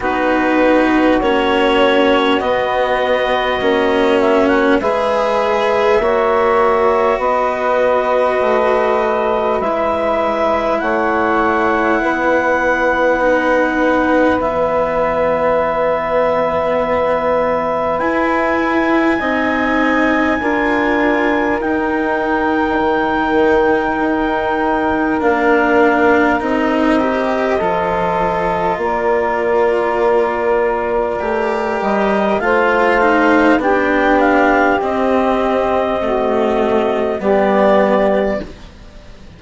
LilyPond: <<
  \new Staff \with { instrumentName = "clarinet" } { \time 4/4 \tempo 4 = 50 b'4 cis''4 dis''4. e''16 fis''16 | e''2 dis''2 | e''4 fis''2. | e''2. gis''4~ |
gis''2 g''2~ | g''4 f''4 dis''2 | d''2~ d''8 dis''8 f''4 | g''8 f''8 dis''2 d''4 | }
  \new Staff \with { instrumentName = "saxophone" } { \time 4/4 fis'1 | b'4 cis''4 b'2~ | b'4 cis''4 b'2~ | b'1 |
dis''4 ais'2.~ | ais'2. a'4 | ais'2. c''4 | g'2 fis'4 g'4 | }
  \new Staff \with { instrumentName = "cello" } { \time 4/4 dis'4 cis'4 b4 cis'4 | gis'4 fis'2. | e'2. dis'4 | b2. e'4 |
dis'4 f'4 dis'2~ | dis'4 d'4 dis'8 g'8 f'4~ | f'2 g'4 f'8 dis'8 | d'4 c'4 a4 b4 | }
  \new Staff \with { instrumentName = "bassoon" } { \time 4/4 b4 ais4 b4 ais4 | gis4 ais4 b4 a4 | gis4 a4 b2 | e2. e'4 |
c'4 d'4 dis'4 dis4 | dis'4 ais4 c'4 f4 | ais2 a8 g8 a4 | b4 c'2 g4 | }
>>